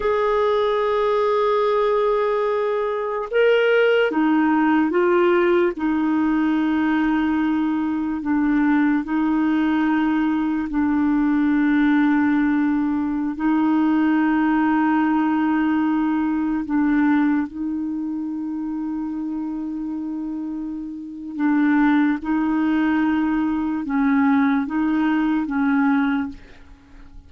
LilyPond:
\new Staff \with { instrumentName = "clarinet" } { \time 4/4 \tempo 4 = 73 gis'1 | ais'4 dis'4 f'4 dis'4~ | dis'2 d'4 dis'4~ | dis'4 d'2.~ |
d'16 dis'2.~ dis'8.~ | dis'16 d'4 dis'2~ dis'8.~ | dis'2 d'4 dis'4~ | dis'4 cis'4 dis'4 cis'4 | }